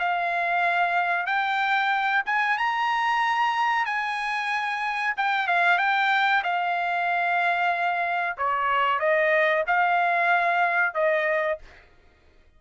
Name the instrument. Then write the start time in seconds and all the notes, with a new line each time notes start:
trumpet
0.00 F5
1.27 G5
2.26 G#5
2.58 A#5
3.86 G#5
5.17 G5
5.48 F5
5.79 G5
6.44 F5
8.38 C#5
9.00 D#5
9.67 F5
10.94 D#5